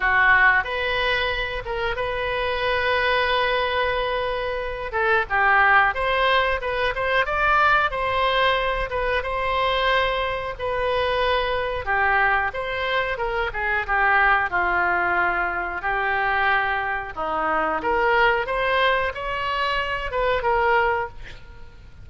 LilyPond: \new Staff \with { instrumentName = "oboe" } { \time 4/4 \tempo 4 = 91 fis'4 b'4. ais'8 b'4~ | b'2.~ b'8 a'8 | g'4 c''4 b'8 c''8 d''4 | c''4. b'8 c''2 |
b'2 g'4 c''4 | ais'8 gis'8 g'4 f'2 | g'2 dis'4 ais'4 | c''4 cis''4. b'8 ais'4 | }